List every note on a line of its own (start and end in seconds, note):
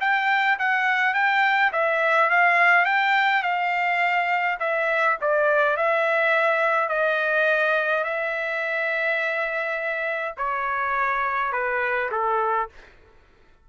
0.00 0.58 G5
0.58 1.14 F#5
1.14 1.71 G5
1.72 2.29 E5
2.29 2.85 F5
2.85 3.42 G5
3.42 4.58 F5
4.59 5.17 E5
5.21 5.76 D5
5.76 6.88 E5
6.88 8.04 D#5
8.04 10.35 E5
10.37 11.52 C#5
11.52 12.10 B4
12.11 12.69 A4